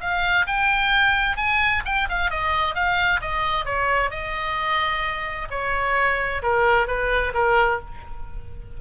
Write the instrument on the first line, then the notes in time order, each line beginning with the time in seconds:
oboe
0.00 F5
0.46 G5
1.37 G#5
1.85 G5
2.09 F5
2.30 D#5
2.74 F5
3.21 D#5
3.65 C#5
4.10 D#5
5.50 C#5
6.42 A#4
6.87 B4
7.34 A#4